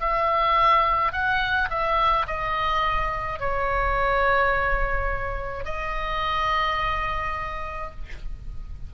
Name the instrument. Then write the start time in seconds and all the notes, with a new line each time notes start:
oboe
0.00 E5
1.12 F#5
1.70 E5
2.27 D#5
3.40 C#5
5.65 D#5